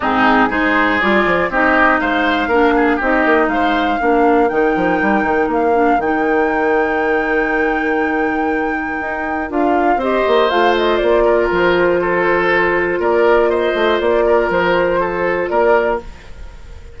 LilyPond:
<<
  \new Staff \with { instrumentName = "flute" } { \time 4/4 \tempo 4 = 120 gis'4 c''4 d''4 dis''4 | f''2 dis''4 f''4~ | f''4 g''2 f''4 | g''1~ |
g''2. f''4 | dis''4 f''8 dis''8 d''4 c''4~ | c''2 d''4 dis''4 | d''4 c''2 d''4 | }
  \new Staff \with { instrumentName = "oboe" } { \time 4/4 dis'4 gis'2 g'4 | c''4 ais'8 gis'8 g'4 c''4 | ais'1~ | ais'1~ |
ais'1 | c''2~ c''8 ais'4. | a'2 ais'4 c''4~ | c''8 ais'4. a'4 ais'4 | }
  \new Staff \with { instrumentName = "clarinet" } { \time 4/4 c'4 dis'4 f'4 dis'4~ | dis'4 d'4 dis'2 | d'4 dis'2~ dis'8 d'8 | dis'1~ |
dis'2. f'4 | g'4 f'2.~ | f'1~ | f'1 | }
  \new Staff \with { instrumentName = "bassoon" } { \time 4/4 gis,4 gis4 g8 f8 c'4 | gis4 ais4 c'8 ais8 gis4 | ais4 dis8 f8 g8 dis8 ais4 | dis1~ |
dis2 dis'4 d'4 | c'8 ais8 a4 ais4 f4~ | f2 ais4. a8 | ais4 f2 ais4 | }
>>